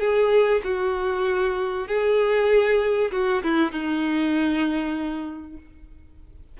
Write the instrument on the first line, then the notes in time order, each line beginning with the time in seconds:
violin
0.00 G#4
0.64 F#4
1.88 G#4
3.12 F#4
3.43 E4
3.72 D#4